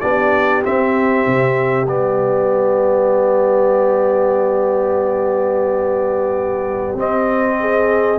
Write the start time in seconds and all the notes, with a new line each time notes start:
0.00 B3 D4 G4 D5
0.62 C4 E5
1.26 C3
1.87 G3 B3 D5
6.94 C4 D#5
7.60 G#4